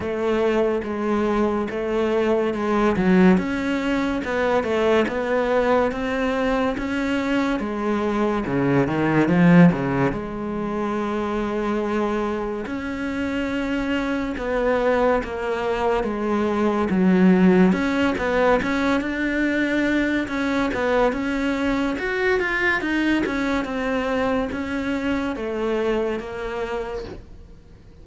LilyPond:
\new Staff \with { instrumentName = "cello" } { \time 4/4 \tempo 4 = 71 a4 gis4 a4 gis8 fis8 | cis'4 b8 a8 b4 c'4 | cis'4 gis4 cis8 dis8 f8 cis8 | gis2. cis'4~ |
cis'4 b4 ais4 gis4 | fis4 cis'8 b8 cis'8 d'4. | cis'8 b8 cis'4 fis'8 f'8 dis'8 cis'8 | c'4 cis'4 a4 ais4 | }